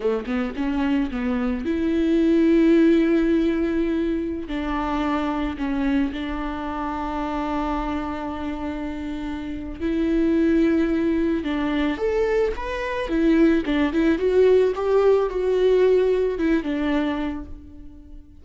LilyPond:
\new Staff \with { instrumentName = "viola" } { \time 4/4 \tempo 4 = 110 a8 b8 cis'4 b4 e'4~ | e'1~ | e'16 d'2 cis'4 d'8.~ | d'1~ |
d'2 e'2~ | e'4 d'4 a'4 b'4 | e'4 d'8 e'8 fis'4 g'4 | fis'2 e'8 d'4. | }